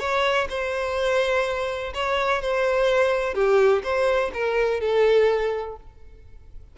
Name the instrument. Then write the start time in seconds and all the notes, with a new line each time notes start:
violin
0.00 C#5
0.49 C5
1.94 C#5
2.42 C5
3.35 G4
3.84 C5
4.34 A#4
4.81 A4